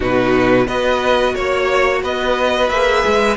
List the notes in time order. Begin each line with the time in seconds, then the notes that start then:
0.00 B2 D#4 F#4 B4
0.67 B3 F#4 B4 D#5
1.34 A#3 C#5
2.02 B3 B4 D#5
2.69 A#3 G#4 E5
3.06 G#3